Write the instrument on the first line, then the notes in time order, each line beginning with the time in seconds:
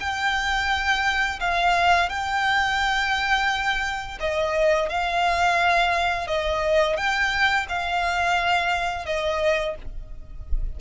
violin
0.00 G5
1.40 F5
2.09 G5
4.20 D#5
4.89 F5
6.27 D#5
6.96 G5
7.68 F5
9.05 D#5